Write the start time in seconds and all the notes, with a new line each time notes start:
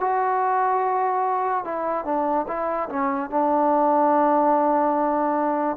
0.00 F#4
1.64 E4
2.05 D4
2.47 E4
2.89 C#4
3.30 D4